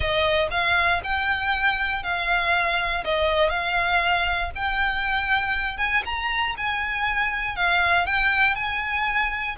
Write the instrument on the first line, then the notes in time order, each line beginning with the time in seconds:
violin
0.00 D#5
0.50 F5
1.03 G5
2.03 F5
3.04 D#5
3.49 F5
4.55 G5
5.77 G#5
6.05 A#5
6.57 G#5
7.56 F5
8.06 G5
8.55 G#5